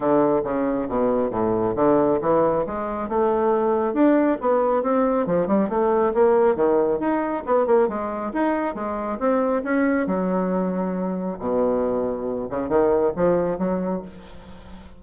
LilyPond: \new Staff \with { instrumentName = "bassoon" } { \time 4/4 \tempo 4 = 137 d4 cis4 b,4 a,4 | d4 e4 gis4 a4~ | a4 d'4 b4 c'4 | f8 g8 a4 ais4 dis4 |
dis'4 b8 ais8 gis4 dis'4 | gis4 c'4 cis'4 fis4~ | fis2 b,2~ | b,8 cis8 dis4 f4 fis4 | }